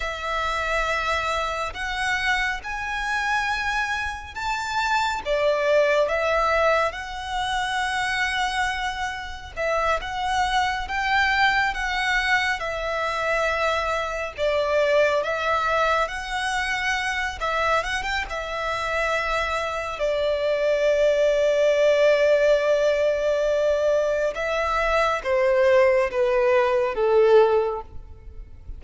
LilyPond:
\new Staff \with { instrumentName = "violin" } { \time 4/4 \tempo 4 = 69 e''2 fis''4 gis''4~ | gis''4 a''4 d''4 e''4 | fis''2. e''8 fis''8~ | fis''8 g''4 fis''4 e''4.~ |
e''8 d''4 e''4 fis''4. | e''8 fis''16 g''16 e''2 d''4~ | d''1 | e''4 c''4 b'4 a'4 | }